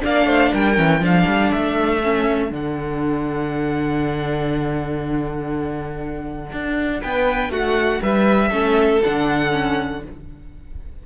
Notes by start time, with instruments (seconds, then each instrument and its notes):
0.00 cello A#3, viola D4, violin D5 F5
0.26 cello A3, violin C5
0.53 cello G3, violin A#4 G5
0.76 cello E3, viola C#4
1.00 cello F3, viola D4, violin A4 F5
1.27 cello G3
1.52 cello A3, violin E5
2.03 viola C#4
2.50 cello D3, viola D4, violin F#5
6.52 cello D4
7.02 cello B3, violin B4 G5
7.49 cello A3, violin F#4 F#5
8.01 cello G3, violin B4 E5
8.48 cello A3, viola C#4, violin A4
9.03 cello D3, viola D4, violin F#5
9.51 viola C#4